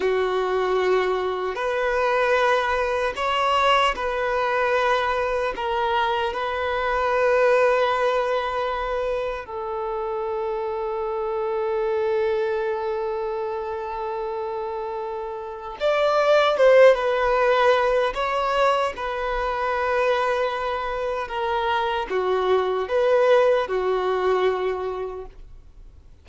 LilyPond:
\new Staff \with { instrumentName = "violin" } { \time 4/4 \tempo 4 = 76 fis'2 b'2 | cis''4 b'2 ais'4 | b'1 | a'1~ |
a'1 | d''4 c''8 b'4. cis''4 | b'2. ais'4 | fis'4 b'4 fis'2 | }